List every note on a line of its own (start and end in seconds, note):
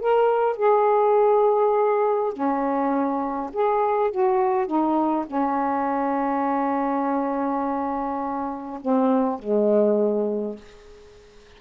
0.00 0.57 A#4
0.57 2.33 G#4
2.33 3.51 C#4
3.53 4.11 G#4
4.11 4.67 F#4
4.67 5.25 D#4
5.27 8.80 C#4
8.81 9.39 C4
9.39 10.57 G#3